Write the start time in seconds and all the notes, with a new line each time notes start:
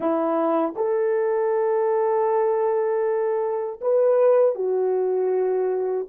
0.00 E4
0.76 A4
3.81 B4
4.55 F#4